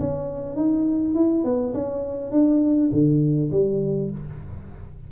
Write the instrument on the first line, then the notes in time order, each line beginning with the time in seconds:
tuba
0.00 C#4
0.56 D#4
1.15 E4
1.44 B3
1.74 C#4
2.32 D4
2.93 D3
3.52 G3